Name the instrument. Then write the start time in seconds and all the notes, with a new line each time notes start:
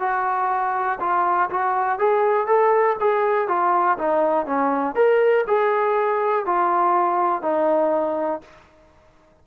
trombone
0.00 F#4
1.00 F4
1.51 F#4
1.99 G#4
2.47 A4
3.01 G#4
3.48 F4
3.98 D#4
4.47 C#4
4.96 A#4
5.48 G#4
6.46 F4
7.43 D#4